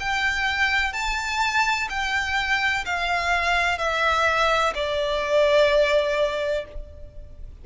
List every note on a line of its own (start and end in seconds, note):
0.00 0.93 G5
0.93 1.88 A5
1.89 2.84 G5
2.85 3.78 F5
3.78 4.73 E5
4.74 6.65 D5